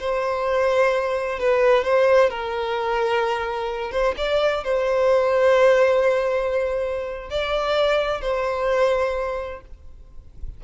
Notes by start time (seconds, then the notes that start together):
0.00 C5
1.39 B4
1.84 C5
2.30 A#4
3.92 C5
4.18 D5
4.64 C5
7.30 D5
8.22 C5